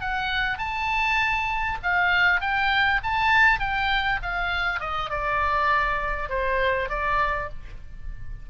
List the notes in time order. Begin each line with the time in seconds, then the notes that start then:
0.00 F#5
0.58 A5
1.82 F5
2.41 G5
3.03 A5
3.59 G5
4.22 F5
4.80 D#5
5.10 D5
6.29 C5
6.89 D5